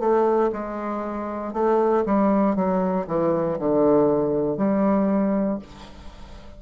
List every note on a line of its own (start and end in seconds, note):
0.00 0.51 A3
0.53 1.54 G#3
1.54 2.05 A3
2.06 2.56 G3
2.56 3.07 F#3
3.08 3.59 E3
3.59 4.58 D3
4.58 5.59 G3